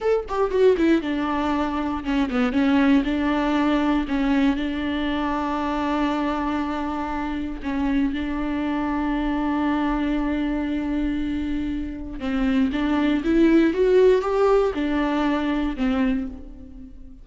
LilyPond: \new Staff \with { instrumentName = "viola" } { \time 4/4 \tempo 4 = 118 a'8 g'8 fis'8 e'8 d'2 | cis'8 b8 cis'4 d'2 | cis'4 d'2.~ | d'2. cis'4 |
d'1~ | d'1 | c'4 d'4 e'4 fis'4 | g'4 d'2 c'4 | }